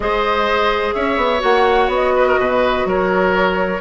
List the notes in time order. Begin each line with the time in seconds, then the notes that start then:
0.00 G#3 G#4 C5 D#5
0.93 C#4 C#5 E5
1.16 B3
1.39 A#3 F#4 F#5
1.88 B3
1.94 D#5
2.15 B4
2.27 A#4
2.38 B2 B4
2.85 F#3 A#4 C#5